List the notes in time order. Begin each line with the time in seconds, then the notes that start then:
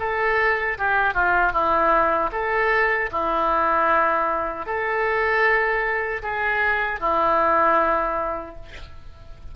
0.00 A4
0.78 G4
1.14 F4
1.53 E4
2.32 A4
3.12 E4
4.66 A4
6.23 G#4
7.01 E4